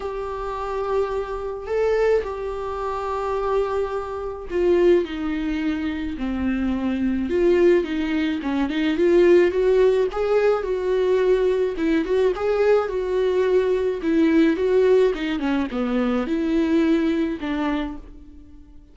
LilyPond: \new Staff \with { instrumentName = "viola" } { \time 4/4 \tempo 4 = 107 g'2. a'4 | g'1 | f'4 dis'2 c'4~ | c'4 f'4 dis'4 cis'8 dis'8 |
f'4 fis'4 gis'4 fis'4~ | fis'4 e'8 fis'8 gis'4 fis'4~ | fis'4 e'4 fis'4 dis'8 cis'8 | b4 e'2 d'4 | }